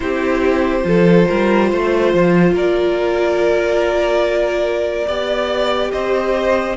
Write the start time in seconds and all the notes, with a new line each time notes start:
0.00 C4 E4 G4 C5
0.83 F3 F4 A4
1.28 G3 A#4
1.69 A3 C5
2.13 F3
2.52 A#3 A#4 D5
5.07 B3 G4 D5
5.91 C4 C5 D#5